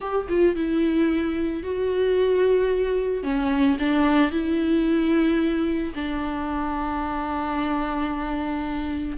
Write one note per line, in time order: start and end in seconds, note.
0.00 0.27 G4
0.28 0.55 F4
0.55 1.63 E4
1.63 3.23 F#4
3.23 3.77 C#4
3.79 4.31 D4
4.31 5.93 E4
5.95 9.17 D4